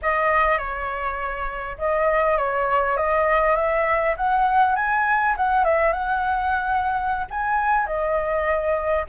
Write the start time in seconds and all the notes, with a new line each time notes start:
0.02 D#5
0.58 C#5
1.78 D#5
2.37 C#5
2.96 D#5
3.56 E5
4.16 F#5
4.75 G#5
5.36 F#5
5.64 E5
5.92 F#5
7.30 G#5
7.86 D#5